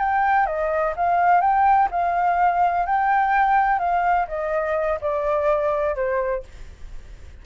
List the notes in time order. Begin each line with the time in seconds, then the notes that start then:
0.00 G5
0.47 D#5
0.97 F5
1.41 G5
1.91 F5
2.86 G5
3.79 F5
4.28 D#5
5.02 D5
5.96 C5